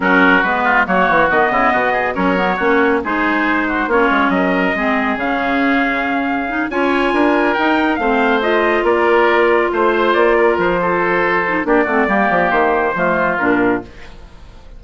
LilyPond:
<<
  \new Staff \with { instrumentName = "trumpet" } { \time 4/4 \tempo 4 = 139 ais'4 b'4 cis''4 dis''4~ | dis''4 cis''2 c''4~ | c''4 cis''4 dis''2 | f''2.~ f''8 gis''8~ |
gis''4. g''4 f''4 dis''8~ | dis''8 d''2 c''4 d''8~ | d''8 c''2~ c''8 d''4~ | d''4 c''2 ais'4 | }
  \new Staff \with { instrumentName = "oboe" } { \time 4/4 fis'4. f'8 fis'4. e'8 | fis'8 gis'8 ais'4 fis'4 gis'4~ | gis'8 fis'8 f'4 ais'4 gis'4~ | gis'2.~ gis'8 cis''8~ |
cis''8 ais'2 c''4.~ | c''8 ais'2 c''4. | ais'4 a'2 g'8 fis'8 | g'2 f'2 | }
  \new Staff \with { instrumentName = "clarinet" } { \time 4/4 cis'4 b4 ais4 b4~ | b4 cis'8 b8 cis'4 dis'4~ | dis'4 cis'2 c'4 | cis'2. dis'8 f'8~ |
f'4. dis'4 c'4 f'8~ | f'1~ | f'2~ f'8 dis'8 d'8 c'8 | ais2 a4 d'4 | }
  \new Staff \with { instrumentName = "bassoon" } { \time 4/4 fis4 gis4 fis8 e8 dis8 cis8 | b,4 fis4 ais4 gis4~ | gis4 ais8 gis8 fis4 gis4 | cis2.~ cis8 cis'8~ |
cis'8 d'4 dis'4 a4.~ | a8 ais2 a4 ais8~ | ais8 f2~ f8 ais8 a8 | g8 f8 dis4 f4 ais,4 | }
>>